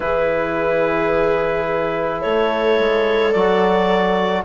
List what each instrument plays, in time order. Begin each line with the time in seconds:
0.00 bassoon E3, trombone E4, viola G#4, clarinet B4
2.21 bassoon A3, viola A4, clarinet C#5
2.78 bassoon G#3
3.31 bassoon F#3, trombone F#4, clarinet D5